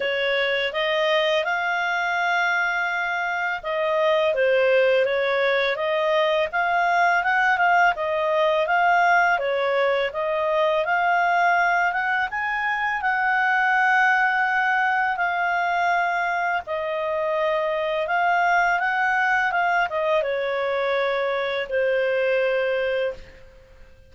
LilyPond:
\new Staff \with { instrumentName = "clarinet" } { \time 4/4 \tempo 4 = 83 cis''4 dis''4 f''2~ | f''4 dis''4 c''4 cis''4 | dis''4 f''4 fis''8 f''8 dis''4 | f''4 cis''4 dis''4 f''4~ |
f''8 fis''8 gis''4 fis''2~ | fis''4 f''2 dis''4~ | dis''4 f''4 fis''4 f''8 dis''8 | cis''2 c''2 | }